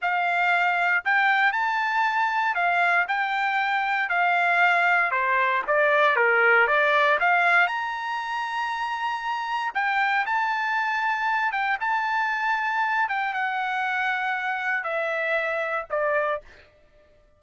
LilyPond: \new Staff \with { instrumentName = "trumpet" } { \time 4/4 \tempo 4 = 117 f''2 g''4 a''4~ | a''4 f''4 g''2 | f''2 c''4 d''4 | ais'4 d''4 f''4 ais''4~ |
ais''2. g''4 | a''2~ a''8 g''8 a''4~ | a''4. g''8 fis''2~ | fis''4 e''2 d''4 | }